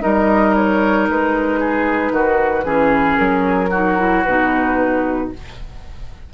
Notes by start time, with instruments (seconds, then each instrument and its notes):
0.00 bassoon G3, clarinet D#4, oboe A#4, flute D#5
0.55 flute C#5
1.09 bassoon G#3, flute B4
1.60 oboe G#4
2.11 bassoon D#3, oboe F#4
2.64 bassoon E3, clarinet C#4, oboe G#4
3.17 bassoon F#3, flute A#4
3.70 clarinet D#4, oboe F#4
3.98 clarinet E4
4.24 bassoon B2, clarinet D#4, flute B4